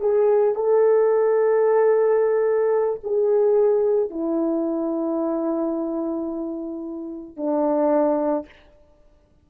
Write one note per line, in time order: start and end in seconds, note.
0.00 0.55 G#4
0.55 3.00 A4
3.03 4.10 G#4
4.10 7.36 E4
7.36 8.45 D4